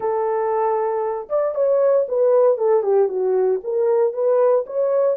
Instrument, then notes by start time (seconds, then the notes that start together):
horn
0.00 A4
1.29 D5
1.54 C#5
2.08 B4
2.57 A4
2.82 G4
3.08 F#4
3.63 A#4
4.13 B4
4.66 C#5